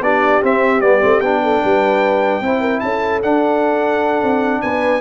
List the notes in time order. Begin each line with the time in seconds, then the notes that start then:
0.00 B3 D4 G4 D5
0.42 C4 E5
0.81 G3 B3 D5
1.01 A3 C4
1.20 B3 D4 G5
1.43 A4
1.63 G3 B4
2.41 C4 E4 C5
2.60 A#4
2.80 C#4 A4 A5
3.22 D4 F#5
4.22 C4
4.61 B3 B4 G#5